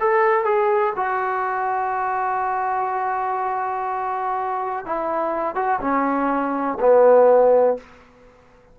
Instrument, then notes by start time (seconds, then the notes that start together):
trombone
0.00 A4
0.45 G#4
0.96 F#4
4.86 E4
5.56 F#4
5.81 C#4
6.80 B3